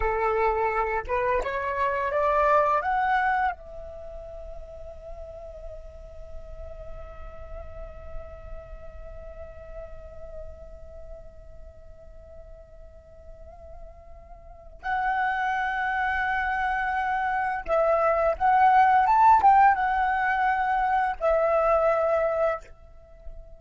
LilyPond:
\new Staff \with { instrumentName = "flute" } { \time 4/4 \tempo 4 = 85 a'4. b'8 cis''4 d''4 | fis''4 e''2.~ | e''1~ | e''1~ |
e''1~ | e''4 fis''2.~ | fis''4 e''4 fis''4 a''8 g''8 | fis''2 e''2 | }